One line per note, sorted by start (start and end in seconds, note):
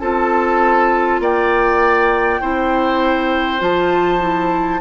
0.00 1.20 C4
0.00 2.41 F4
0.00 1.20 A4
0.00 1.20 A5
1.20 2.40 A#3
1.20 2.41 D5
1.20 3.62 G5
2.41 3.61 C4
2.41 3.59 E4
2.41 4.81 C5
3.59 4.81 F3
3.59 4.19 F4
3.59 4.81 A5
4.20 4.80 E4